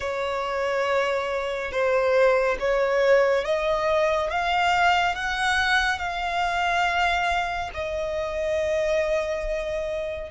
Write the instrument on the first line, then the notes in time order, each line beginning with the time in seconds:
violin
0.00 C#5
1.71 C5
2.59 C#5
3.44 D#5
4.30 F5
5.15 F#5
5.98 F5
7.74 D#5